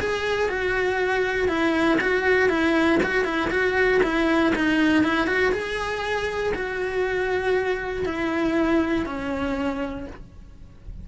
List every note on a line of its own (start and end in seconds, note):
0.00 0.49 G#4
0.49 1.49 F#4
1.49 1.99 E4
2.01 2.49 F#4
2.49 3.00 E4
3.03 3.25 F#4
3.25 3.50 E4
3.51 4.01 F#4
4.03 4.54 E4
4.56 5.04 D#4
5.04 5.27 E4
5.27 5.52 F#4
5.52 6.53 G#4
6.54 8.05 F#4
8.05 9.06 E4
9.06 10.07 C#4